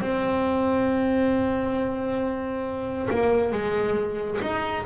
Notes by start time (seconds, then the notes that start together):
0.00 C4
3.10 A#3
3.52 G#3
4.41 D#4